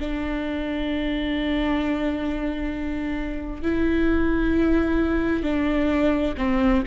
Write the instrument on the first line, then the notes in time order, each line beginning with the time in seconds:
viola
0.00 D4
3.62 E4
5.43 D4
6.38 C4